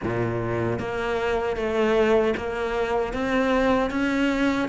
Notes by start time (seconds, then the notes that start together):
0.03 A#2
0.79 A#3
1.56 A3
2.37 A#3
3.13 C4
3.90 C#4